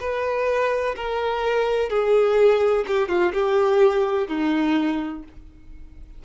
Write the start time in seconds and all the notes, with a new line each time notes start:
0.00 B4
0.96 A#4
1.90 G#4
2.87 G4
3.09 F4
3.34 G4
4.28 D#4